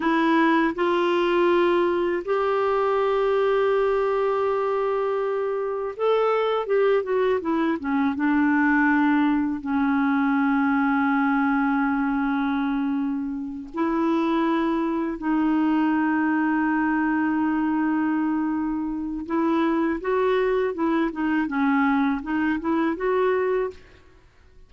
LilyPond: \new Staff \with { instrumentName = "clarinet" } { \time 4/4 \tempo 4 = 81 e'4 f'2 g'4~ | g'1 | a'4 g'8 fis'8 e'8 cis'8 d'4~ | d'4 cis'2.~ |
cis'2~ cis'8 e'4.~ | e'8 dis'2.~ dis'8~ | dis'2 e'4 fis'4 | e'8 dis'8 cis'4 dis'8 e'8 fis'4 | }